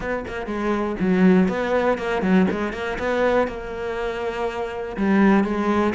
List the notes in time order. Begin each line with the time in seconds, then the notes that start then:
0.00 B3
0.27 A#3
0.46 G#3
1.00 F#3
1.48 B3
1.98 A#3
2.22 F#3
2.50 G#3
2.72 A#3
2.98 B3
3.47 A#3
4.96 G3
5.43 G#3